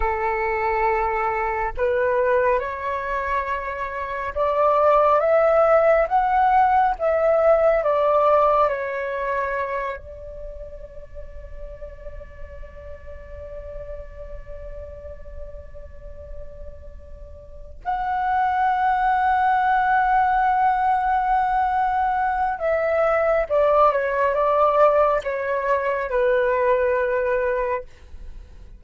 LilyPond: \new Staff \with { instrumentName = "flute" } { \time 4/4 \tempo 4 = 69 a'2 b'4 cis''4~ | cis''4 d''4 e''4 fis''4 | e''4 d''4 cis''4. d''8~ | d''1~ |
d''1~ | d''8 fis''2.~ fis''8~ | fis''2 e''4 d''8 cis''8 | d''4 cis''4 b'2 | }